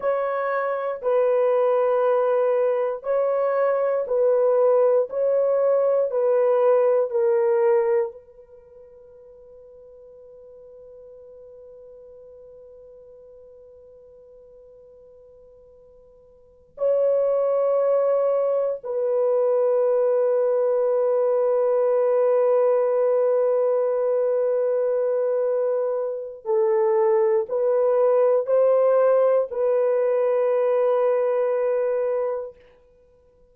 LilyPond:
\new Staff \with { instrumentName = "horn" } { \time 4/4 \tempo 4 = 59 cis''4 b'2 cis''4 | b'4 cis''4 b'4 ais'4 | b'1~ | b'1~ |
b'8 cis''2 b'4.~ | b'1~ | b'2 a'4 b'4 | c''4 b'2. | }